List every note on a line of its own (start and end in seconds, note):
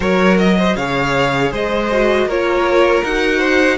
0.00 0.75 F#3
0.00 0.76 F#4
0.00 0.57 A#4
0.00 0.37 C#5
0.38 0.76 D#5
0.57 0.76 C5
0.76 1.52 C#3
0.76 1.92 G#4
0.76 1.51 C#5
0.76 1.52 F5
1.51 2.25 G#3
1.51 2.27 C5
1.51 2.30 D#5
1.92 2.29 F#4
2.25 3.01 A#3
2.25 3.05 F4
2.25 3.38 A#4
2.25 3.04 C#5
3.03 3.78 D#4
3.03 3.78 F#4
3.03 3.78 F#5
3.38 3.76 C5